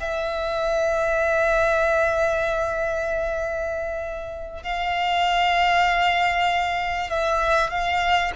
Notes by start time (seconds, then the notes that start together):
0.00 E5
4.63 F5
7.10 E5
7.70 F5